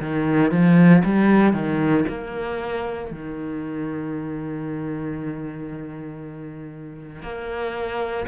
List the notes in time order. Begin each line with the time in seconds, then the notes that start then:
0.00 D#3
0.51 F3
1.04 G3
1.53 D#3
2.08 A#3
3.11 D#3
7.22 A#3